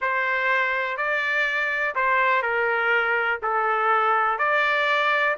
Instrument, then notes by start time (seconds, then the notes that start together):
trumpet
0.01 C5
0.97 D5
1.95 C5
2.42 A#4
3.42 A4
4.38 D5